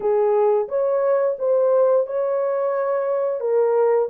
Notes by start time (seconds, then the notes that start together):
0.00 G#4
0.68 C#5
1.38 C5
2.06 C#5
3.40 A#4